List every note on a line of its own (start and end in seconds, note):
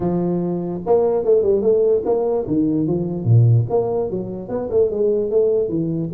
0.00 0.81 F3
0.86 1.24 A#3
1.24 1.42 A3
1.42 1.61 G3
1.61 2.02 A3
2.05 2.46 A#3
2.47 2.87 D#3
2.87 3.24 F3
3.24 3.65 A#2
3.69 4.10 A#3
4.10 4.48 F#3
4.48 4.69 B3
4.70 4.90 A3
4.90 5.30 G#3
5.30 5.68 A3
5.68 6.09 E3